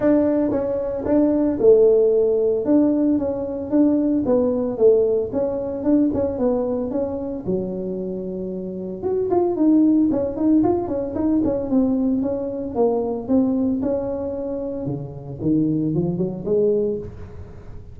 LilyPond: \new Staff \with { instrumentName = "tuba" } { \time 4/4 \tempo 4 = 113 d'4 cis'4 d'4 a4~ | a4 d'4 cis'4 d'4 | b4 a4 cis'4 d'8 cis'8 | b4 cis'4 fis2~ |
fis4 fis'8 f'8 dis'4 cis'8 dis'8 | f'8 cis'8 dis'8 cis'8 c'4 cis'4 | ais4 c'4 cis'2 | cis4 dis4 f8 fis8 gis4 | }